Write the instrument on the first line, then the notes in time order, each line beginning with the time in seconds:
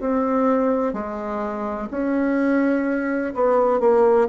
bassoon
0.00 C4
0.93 G#3
1.90 C#4
3.34 B3
3.80 A#3